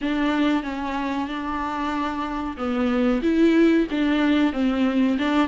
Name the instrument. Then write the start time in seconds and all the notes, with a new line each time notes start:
viola
0.01 D4
0.63 C#4
1.28 D4
2.57 B3
3.22 E4
3.90 D4
4.52 C4
5.18 D4